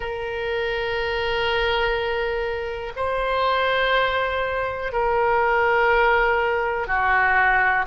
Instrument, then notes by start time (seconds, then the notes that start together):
oboe
0.00 A#4
2.96 C5
4.92 A#4
6.87 F#4